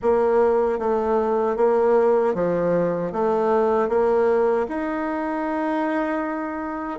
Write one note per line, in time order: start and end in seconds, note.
0.01 0.78 A#3
0.78 1.56 A3
1.56 2.34 A#3
2.34 3.12 F3
3.12 3.89 A3
3.89 4.66 A#3
4.68 6.99 D#4